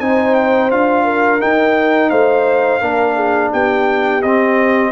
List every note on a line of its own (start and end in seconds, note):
0.00 0.71 C4
0.00 0.71 D#4
0.00 1.05 C5
0.00 0.35 G#5
0.35 0.71 G5
0.71 1.42 D4
0.71 1.40 F4
0.71 1.41 F5
1.05 2.11 A#4
1.40 2.81 D#4
1.40 2.11 D#4
1.40 2.10 G5
2.10 2.82 A3
2.10 2.81 C5
2.10 3.51 F5
2.81 3.52 A#3
2.81 4.22 D4
2.81 3.16 A#4
3.16 3.52 G#4
3.52 4.24 B3
3.52 4.92 G4
3.52 4.23 G5
4.23 4.92 C4
4.23 4.92 D#5